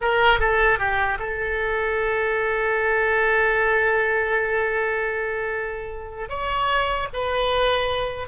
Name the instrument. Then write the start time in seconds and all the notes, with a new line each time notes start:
oboe
0.01 A#4
0.39 A4
0.79 G4
1.19 A4
6.29 C#5
7.13 B4